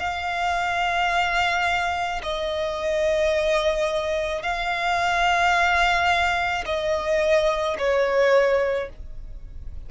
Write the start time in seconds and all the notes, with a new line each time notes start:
0.00 F5
2.23 D#5
4.43 F5
6.66 D#5
7.79 C#5